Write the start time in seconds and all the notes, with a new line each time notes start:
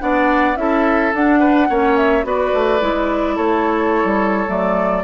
0.00 B3 D4 D5 F#5
0.56 C#4 E4 A4 E5
1.14 D4 F#5
1.40 B4
1.70 A#3 C#4 C#5
1.97 E5
2.23 B3 F#4 B4 D5
2.54 A3
2.80 G#3 E4
3.36 A3 A4 C#5
4.04 G3
4.47 F#3 A3 D5